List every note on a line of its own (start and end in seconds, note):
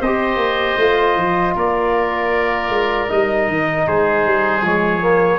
0.00 0.36 C4
0.00 0.79 G4
0.00 1.54 C5
0.00 1.55 D#5
0.36 0.74 A#3
0.77 1.15 A3
0.77 3.08 F4
1.15 1.54 F3
1.55 2.69 A#3
1.55 3.85 A#4
1.55 3.11 D5
2.69 3.07 G#3
3.08 3.47 G3
3.08 4.62 D#4
3.08 3.87 D#5
3.47 3.86 D#3
3.86 4.25 G#3
3.86 5.39 G#4
3.86 4.65 C5
4.25 4.62 G3
4.62 5.38 F3
4.62 5.01 G#3
4.62 5.39 C#5
5.01 5.39 A#3